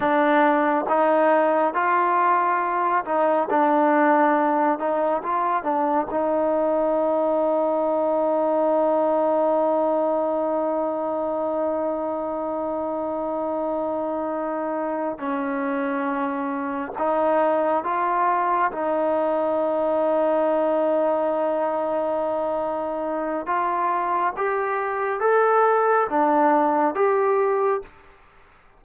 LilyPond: \new Staff \with { instrumentName = "trombone" } { \time 4/4 \tempo 4 = 69 d'4 dis'4 f'4. dis'8 | d'4. dis'8 f'8 d'8 dis'4~ | dis'1~ | dis'1~ |
dis'4. cis'2 dis'8~ | dis'8 f'4 dis'2~ dis'8~ | dis'2. f'4 | g'4 a'4 d'4 g'4 | }